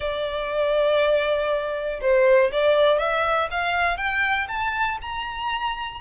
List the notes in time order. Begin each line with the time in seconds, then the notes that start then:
0.00 D5
2.01 C5
2.51 D5
2.98 E5
3.50 F5
3.97 G5
4.47 A5
5.01 A#5